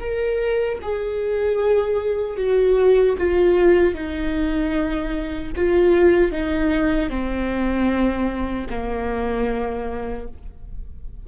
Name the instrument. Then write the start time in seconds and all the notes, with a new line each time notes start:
viola
0.00 A#4
0.82 G#4
2.37 F#4
3.18 F4
3.94 D#4
5.56 F4
6.32 D#4
7.09 C4
8.69 A#3